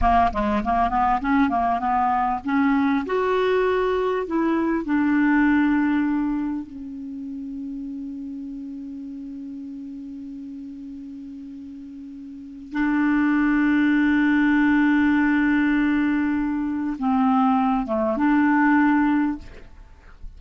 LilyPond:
\new Staff \with { instrumentName = "clarinet" } { \time 4/4 \tempo 4 = 99 ais8 gis8 ais8 b8 cis'8 ais8 b4 | cis'4 fis'2 e'4 | d'2. cis'4~ | cis'1~ |
cis'1~ | cis'4 d'2.~ | d'1 | c'4. a8 d'2 | }